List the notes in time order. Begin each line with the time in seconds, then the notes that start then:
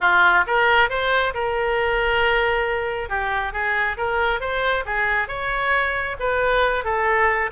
0.00 F4
0.46 A#4
0.89 C5
1.34 A#4
3.09 G4
3.52 G#4
3.97 A#4
4.40 C5
4.85 G#4
5.28 C#5
6.19 B4
6.84 A4